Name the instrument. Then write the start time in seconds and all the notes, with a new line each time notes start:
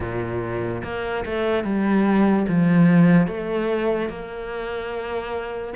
cello
0.00 A#2
0.83 A#3
1.25 A3
1.64 G3
2.48 F3
3.27 A3
4.09 A#3